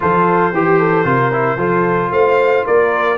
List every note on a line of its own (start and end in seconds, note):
0.00 0.52 F3
0.00 0.53 F4
0.00 0.53 A4
0.00 2.12 C5
0.52 1.05 E3
0.52 0.79 G4
0.52 1.04 G4
0.79 1.05 A4
1.04 1.57 C3
1.04 1.31 F4
1.04 1.57 A#4
1.32 1.57 E4
1.57 2.10 F3
1.57 3.17 F4
1.57 2.10 A4
2.11 2.64 A3
2.11 2.65 C5
2.11 2.65 F5
2.65 3.17 A#3
2.65 3.17 A#4
2.65 3.17 D5